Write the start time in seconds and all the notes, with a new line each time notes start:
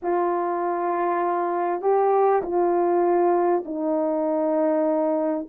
0.02 F4
1.81 G4
2.42 F4
3.65 D#4